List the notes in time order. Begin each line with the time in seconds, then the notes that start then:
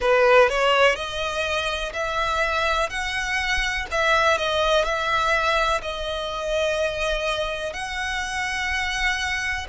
0.00 B4
0.49 C#5
0.95 D#5
1.93 E5
2.89 F#5
3.91 E5
4.37 D#5
4.84 E5
5.82 D#5
7.73 F#5